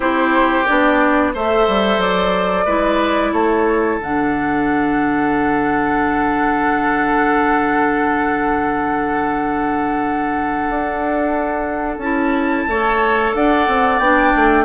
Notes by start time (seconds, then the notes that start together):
0.00 C4 E4 G4 C5
0.66 B3 D4 D5
1.34 A3 A4 C5 E5
1.68 G3
1.98 F#3 D5
2.65 G#3 E4 B4
3.32 A3 A4 C#5
3.97 D3 D4 F#5
10.69 D4
11.97 C#4 E4 A5
12.67 A3 A4 C#5
13.34 D4 D5 F#5
13.67 C4
13.98 B3 D4 G5
14.35 A3